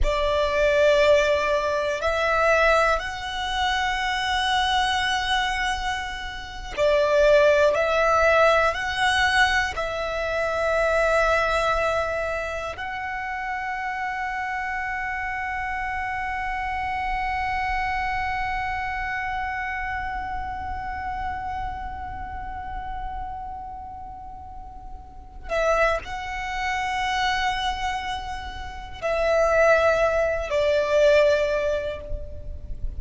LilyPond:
\new Staff \with { instrumentName = "violin" } { \time 4/4 \tempo 4 = 60 d''2 e''4 fis''4~ | fis''2~ fis''8. d''4 e''16~ | e''8. fis''4 e''2~ e''16~ | e''8. fis''2.~ fis''16~ |
fis''1~ | fis''1~ | fis''4. e''8 fis''2~ | fis''4 e''4. d''4. | }